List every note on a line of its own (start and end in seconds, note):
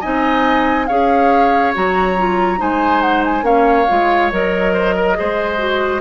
0.00 0.89 C4
0.00 0.87 D#4
0.00 0.86 D#5
0.00 0.86 G#5
0.86 1.75 C#4
0.86 1.74 G#4
0.86 2.59 C#5
0.86 1.72 F5
1.74 2.61 F#3
1.74 2.17 F#4
1.74 2.61 A#5
2.17 2.57 F4
2.57 3.42 G#3
2.57 3.42 D#4
2.57 3.44 C5
2.57 3.01 G#5
3.01 3.22 F#5
3.24 3.45 G#5
3.42 3.85 A#3
3.42 3.85 C#4
3.42 4.73 C#5
3.42 4.31 F5
3.88 4.32 G#3
3.88 4.31 F4
4.31 5.17 F#3
4.31 5.14 A#4
4.31 6.00 D#5
4.73 4.94 C5
4.95 5.16 A#4
5.14 5.57 G#4
5.14 6.00 C5
5.20 6.00 G#3
5.57 6.00 F#4